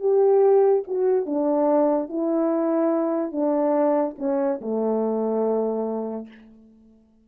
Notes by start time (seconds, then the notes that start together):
0.00 G4
0.87 F#4
1.26 D4
2.09 E4
3.32 D4
4.18 C#4
4.61 A3